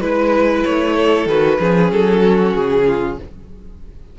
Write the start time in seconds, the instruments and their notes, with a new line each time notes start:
0.00 cello G#3, viola E4, violin B4
0.64 cello A3, violin C#5
0.95 violin A4
1.26 cello D#3, viola F#4, violin B4
1.59 cello F3, viola C#4, violin G#4
1.91 cello F#3, violin A4
2.21 violin F#4
2.54 cello C#3, violin G#4
2.86 violin F4